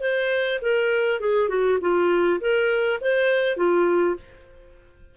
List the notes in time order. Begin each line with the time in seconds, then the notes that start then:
0.00 C5
0.61 A#4
1.20 G#4
1.49 F#4
1.81 F4
2.40 A#4
3.01 C5
3.56 F4